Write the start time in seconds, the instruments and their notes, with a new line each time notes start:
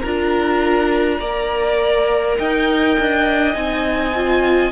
0.00 cello D4, viola F4, violin A#4 A#5
1.20 cello A#3, viola A#4, violin D5
2.38 cello D#4, violin D#5 G5
3.00 cello D4
3.53 cello C4, viola D#4, violin G#5
4.15 viola F4